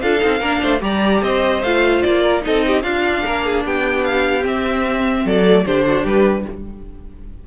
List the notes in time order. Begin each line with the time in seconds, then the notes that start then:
0.00 D4 F4 A4 F5
0.18 C4 D#4
0.40 A#3 D4 A#4
0.61 A3 C5
0.80 G3 G4 D5 A#5
1.22 C4 C5 D#5
1.63 A3 F4 F5
2.02 A#3 D5
2.22 A#4
2.41 D#4 A4 D#5
2.48 C4
2.66 G4
2.82 D4 F4 F5
3.26 A#3 A#4
3.45 G#4
3.65 B3 G4 G5
4.04 F5
4.42 C4 E5
5.25 F#3 A4 D5
5.46 A3
5.66 D3 D4 G4 C5
5.87 F#4
6.03 G3 G4 B4